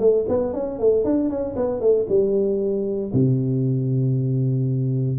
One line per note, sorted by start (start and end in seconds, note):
0.00 0.26 A3
0.29 0.54 B3
0.54 0.79 C#4
0.80 1.05 A3
1.05 1.30 D4
1.30 1.56 C#4
1.56 1.81 B3
1.81 2.07 A3
2.09 3.13 G3
3.14 5.19 C3